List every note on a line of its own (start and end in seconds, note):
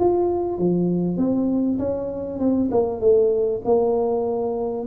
0.00 0.58 F4
0.58 1.17 F3
1.17 1.79 C4
1.79 2.40 C#4
2.40 2.70 C4
2.71 3.01 A#3
3.01 3.62 A3
3.65 4.87 A#3